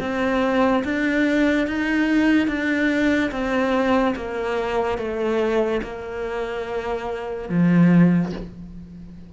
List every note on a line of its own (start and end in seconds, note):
0.00 0.83 C4
0.84 1.67 D4
1.67 2.48 D#4
2.48 3.31 D4
3.31 4.15 C4
4.16 4.98 A#3
4.98 5.81 A3
5.83 7.50 A#3
7.50 8.33 F3